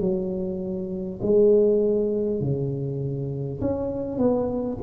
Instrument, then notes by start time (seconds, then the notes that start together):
tuba
0.00 F#3
1.22 G#3
2.41 C#3
3.61 C#4
4.18 B3